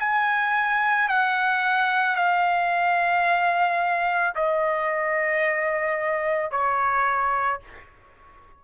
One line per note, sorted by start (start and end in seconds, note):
0.00 1.09 G#5
1.09 2.16 F#5
2.16 4.34 F5
4.36 6.52 D#5
6.52 7.61 C#5